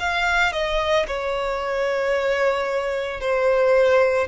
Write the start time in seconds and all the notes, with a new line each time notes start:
0.00 F5
0.53 D#5
1.07 C#5
3.21 C5